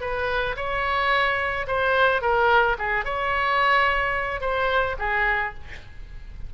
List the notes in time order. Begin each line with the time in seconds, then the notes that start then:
0.00 B4
0.56 C#5
1.67 C5
2.21 A#4
2.78 G#4
3.05 C#5
4.40 C5
4.98 G#4